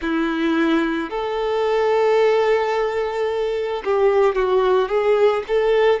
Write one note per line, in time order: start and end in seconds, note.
0.01 1.10 E4
1.10 3.82 A4
3.84 4.35 G4
4.35 4.88 F#4
4.88 5.42 G#4
5.47 6.00 A4